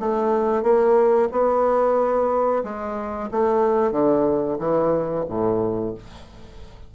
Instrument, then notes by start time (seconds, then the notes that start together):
bassoon
0.00 A3
0.63 A#3
1.32 B3
2.64 G#3
3.31 A3
3.92 D3
4.59 E3
5.29 A2